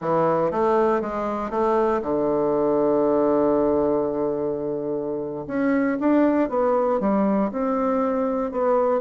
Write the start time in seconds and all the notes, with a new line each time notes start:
0.01 E3
0.51 A3
1.01 G#3
1.50 A3
2.02 D3
5.47 C#4
6.00 D4
6.49 B3
7.00 G3
7.51 C4
8.51 B3